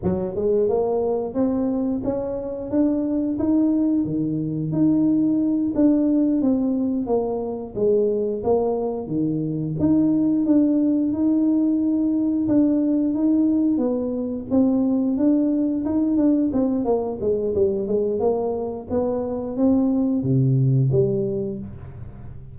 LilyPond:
\new Staff \with { instrumentName = "tuba" } { \time 4/4 \tempo 4 = 89 fis8 gis8 ais4 c'4 cis'4 | d'4 dis'4 dis4 dis'4~ | dis'8 d'4 c'4 ais4 gis8~ | gis8 ais4 dis4 dis'4 d'8~ |
d'8 dis'2 d'4 dis'8~ | dis'8 b4 c'4 d'4 dis'8 | d'8 c'8 ais8 gis8 g8 gis8 ais4 | b4 c'4 c4 g4 | }